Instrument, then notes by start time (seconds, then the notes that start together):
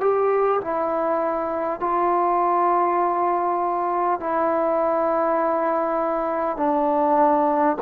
trombone
0.00 G4
0.61 E4
1.79 F4
4.19 E4
6.56 D4